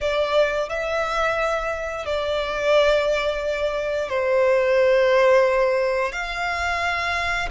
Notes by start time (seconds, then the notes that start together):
0.00 D5
0.69 E5
2.05 D5
4.09 C5
6.12 F5